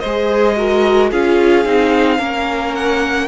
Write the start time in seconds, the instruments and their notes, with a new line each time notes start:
0.00 cello G#3, violin C5 D#5
0.07 viola G#4
0.57 viola F#4, violin A#4
1.11 cello C#4, viola F4, violin G#4 F5
1.65 cello C4, viola D#4
2.19 cello A#3, viola C#4, violin A#4
2.75 violin F#5